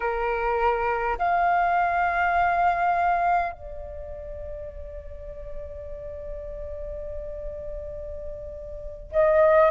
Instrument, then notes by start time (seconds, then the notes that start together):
flute
0.00 A#4
1.18 F5
3.52 D5
9.11 D#5